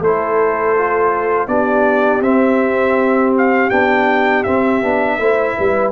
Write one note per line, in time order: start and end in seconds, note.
0.00 1.47 A3
0.00 0.77 E4
0.00 1.48 A4
0.00 1.48 C5
0.77 1.47 F4
1.47 2.20 B3
1.47 2.21 D4
1.47 5.19 G4
1.47 2.22 D5
2.20 3.69 C4
2.20 3.70 C4
2.20 3.33 E5
3.37 3.70 F5
3.70 4.45 B3
3.70 4.44 D4
3.70 4.43 G5
4.43 4.82 C4
4.43 5.91 E5
4.82 5.18 B3
4.82 5.19 D4
5.18 5.55 A3
5.18 5.92 E4
5.18 5.56 C5
5.57 5.92 G3
5.57 5.92 B4